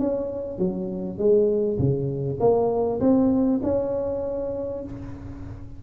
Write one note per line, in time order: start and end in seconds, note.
0.00 0.59 C#4
0.59 1.19 F#3
1.19 1.79 G#3
1.79 2.39 C#3
2.41 3.01 A#3
3.01 3.61 C4
3.64 4.84 C#4